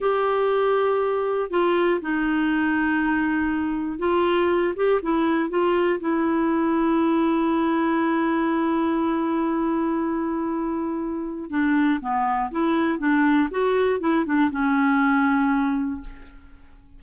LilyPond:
\new Staff \with { instrumentName = "clarinet" } { \time 4/4 \tempo 4 = 120 g'2. f'4 | dis'1 | f'4. g'8 e'4 f'4 | e'1~ |
e'1~ | e'2. d'4 | b4 e'4 d'4 fis'4 | e'8 d'8 cis'2. | }